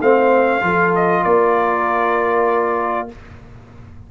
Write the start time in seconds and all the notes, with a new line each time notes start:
0.00 A3 C4 C5 F5
0.61 F3 F4 A4
0.95 D#5
1.23 A#3 A#4 D5